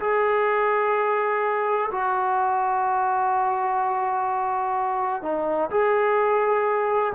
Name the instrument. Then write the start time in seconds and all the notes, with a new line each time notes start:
trombone
0.00 G#4
1.91 F#4
5.23 D#4
5.71 G#4